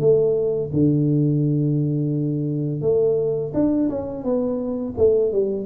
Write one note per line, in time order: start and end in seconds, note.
0.00 0.71 A3
0.73 2.81 D3
2.81 3.52 A3
3.54 3.89 D4
3.89 4.24 C#4
4.24 4.94 B3
4.97 5.32 A3
5.32 5.66 G3